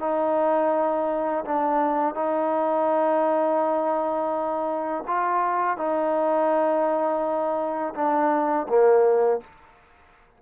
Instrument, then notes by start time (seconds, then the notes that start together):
trombone
0.00 D#4
1.45 D4
2.15 D#4
5.07 F4
5.77 D#4
7.95 D4
8.69 A#3